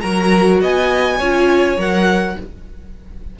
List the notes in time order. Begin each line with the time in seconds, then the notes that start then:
0.00 F#3 F#4 A#4 A#5
0.61 B3 D#5 G#5
1.18 C#4 F4 C#5
1.77 F#3 A#4 F#5